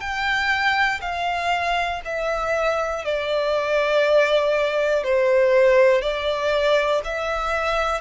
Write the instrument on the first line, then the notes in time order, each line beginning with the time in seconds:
violin
0.00 G5
1.01 F5
2.05 E5
3.05 D5
5.03 C5
6.01 D5
7.04 E5